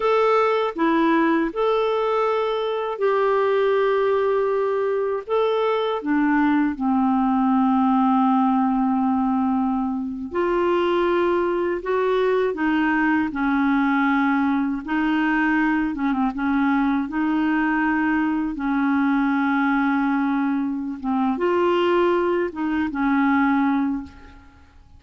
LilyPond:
\new Staff \with { instrumentName = "clarinet" } { \time 4/4 \tempo 4 = 80 a'4 e'4 a'2 | g'2. a'4 | d'4 c'2.~ | c'4.~ c'16 f'2 fis'16~ |
fis'8. dis'4 cis'2 dis'16~ | dis'4~ dis'16 cis'16 c'16 cis'4 dis'4~ dis'16~ | dis'8. cis'2.~ cis'16 | c'8 f'4. dis'8 cis'4. | }